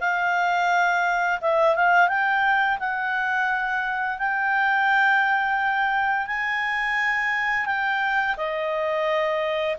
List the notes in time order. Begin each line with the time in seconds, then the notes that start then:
0.00 F5
1.41 E5
1.75 F5
2.08 G5
2.79 F#5
4.18 G5
6.27 G#5
7.66 G5
8.37 D#5